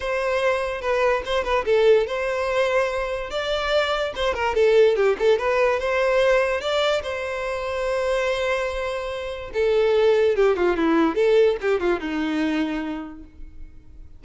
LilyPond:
\new Staff \with { instrumentName = "violin" } { \time 4/4 \tempo 4 = 145 c''2 b'4 c''8 b'8 | a'4 c''2. | d''2 c''8 ais'8 a'4 | g'8 a'8 b'4 c''2 |
d''4 c''2.~ | c''2. a'4~ | a'4 g'8 f'8 e'4 a'4 | g'8 f'8 dis'2. | }